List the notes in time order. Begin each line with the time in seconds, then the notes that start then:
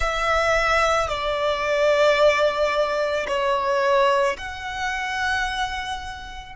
0.00 E5
1.08 D5
3.27 C#5
4.37 F#5